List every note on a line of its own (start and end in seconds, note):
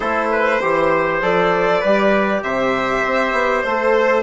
0.00 0.62 A3
0.00 0.59 E4
0.00 0.30 A4
0.00 1.20 C5
0.31 0.60 B4
0.60 1.21 E3
0.60 1.22 G4
0.60 1.80 C5
1.21 1.82 F3
1.21 1.82 A4
1.21 2.43 D5
1.80 2.42 G3
1.80 3.67 G4
1.80 2.41 B4
2.42 3.03 C3
2.42 4.23 C5
2.42 3.62 E5
3.05 3.32 C4
3.32 3.62 B3
3.62 4.23 A3
3.62 4.23 A4
3.62 4.23 C5